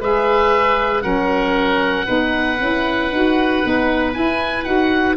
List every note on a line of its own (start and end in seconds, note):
0.00 1.03 G#3
0.00 1.02 G#4
0.00 1.03 B4
0.00 1.02 E5
1.02 2.06 F#3
1.02 2.05 C#4
1.02 2.06 A#4
1.02 4.12 F#5
2.06 2.59 B3
2.06 2.57 D#4
2.06 5.16 B4
2.59 3.11 C#4
2.59 3.11 E4
3.11 3.63 D#4
3.11 3.63 F#4
3.63 4.17 B3
3.63 4.13 D#4
4.13 4.64 E4
4.13 4.65 E4
4.13 4.64 G#5
4.64 5.17 D#4
4.64 5.16 F#4
4.64 5.16 F#5